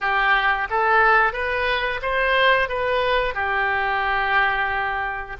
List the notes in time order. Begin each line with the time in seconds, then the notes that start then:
0.00 G4
0.70 A4
1.32 B4
2.01 C5
2.68 B4
3.34 G4